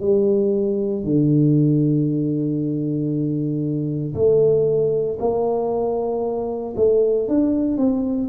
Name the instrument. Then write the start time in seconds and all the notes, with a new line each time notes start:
tuba
0.00 G3
1.03 D3
4.14 A3
5.19 A#3
6.76 A3
7.28 D4
7.77 C4